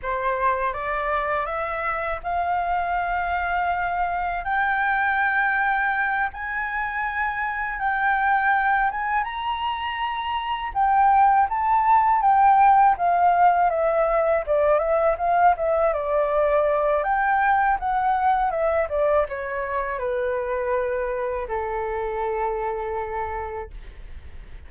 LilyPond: \new Staff \with { instrumentName = "flute" } { \time 4/4 \tempo 4 = 81 c''4 d''4 e''4 f''4~ | f''2 g''2~ | g''8 gis''2 g''4. | gis''8 ais''2 g''4 a''8~ |
a''8 g''4 f''4 e''4 d''8 | e''8 f''8 e''8 d''4. g''4 | fis''4 e''8 d''8 cis''4 b'4~ | b'4 a'2. | }